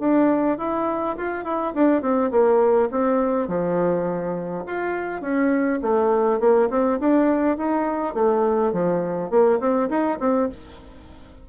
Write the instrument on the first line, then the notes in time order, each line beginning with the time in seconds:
bassoon
0.00 D4
0.58 E4
1.18 F4
1.45 E4
1.75 D4
2.02 C4
2.31 A#3
2.92 C4
3.48 F3
4.67 F4
5.22 C#4
5.82 A3
6.40 A#3
6.70 C4
7.00 D4
7.58 D#4
8.15 A3
8.73 F3
9.31 A#3
9.60 C4
9.90 D#4
10.20 C4